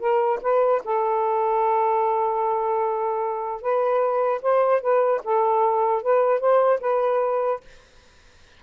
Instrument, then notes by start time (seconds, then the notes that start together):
saxophone
0.00 A#4
0.42 B4
0.85 A4
3.62 B4
4.43 C5
4.82 B4
5.24 A4
6.03 B4
6.41 C5
6.81 B4